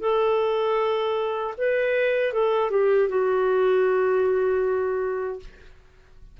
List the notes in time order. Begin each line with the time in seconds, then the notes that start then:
0.00 A4
1.57 B4
2.33 A4
2.70 G4
3.09 F#4